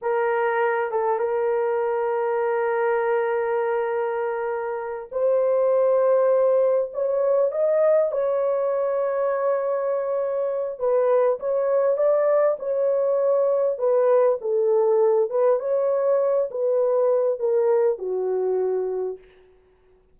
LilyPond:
\new Staff \with { instrumentName = "horn" } { \time 4/4 \tempo 4 = 100 ais'4. a'8 ais'2~ | ais'1~ | ais'8 c''2. cis''8~ | cis''8 dis''4 cis''2~ cis''8~ |
cis''2 b'4 cis''4 | d''4 cis''2 b'4 | a'4. b'8 cis''4. b'8~ | b'4 ais'4 fis'2 | }